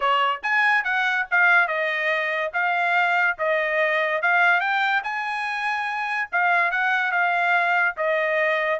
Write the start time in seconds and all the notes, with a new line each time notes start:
0.00 C#5
0.42 G#5
0.84 F#5
1.30 F5
1.67 D#5
2.53 F5
3.38 D#5
4.22 F5
4.60 G5
5.03 G#5
6.31 F5
6.71 F#5
7.11 F5
7.96 D#5